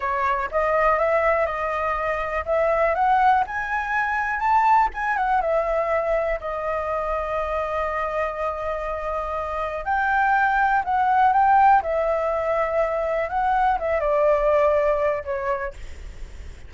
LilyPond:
\new Staff \with { instrumentName = "flute" } { \time 4/4 \tempo 4 = 122 cis''4 dis''4 e''4 dis''4~ | dis''4 e''4 fis''4 gis''4~ | gis''4 a''4 gis''8 fis''8 e''4~ | e''4 dis''2.~ |
dis''1 | g''2 fis''4 g''4 | e''2. fis''4 | e''8 d''2~ d''8 cis''4 | }